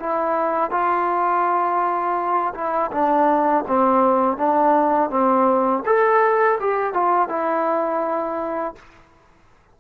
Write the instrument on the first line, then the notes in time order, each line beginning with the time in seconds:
trombone
0.00 E4
0.71 F4
2.54 E4
2.92 D4
3.68 C4
4.37 D4
5.10 C4
5.86 A4
6.60 G4
6.94 F4
7.29 E4